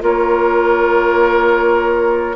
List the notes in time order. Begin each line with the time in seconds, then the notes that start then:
0.00 A#3 F4 A#4 C#5